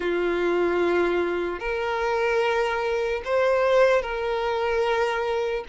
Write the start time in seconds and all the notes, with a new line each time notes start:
0.00 F4
1.59 A#4
3.24 C5
4.02 A#4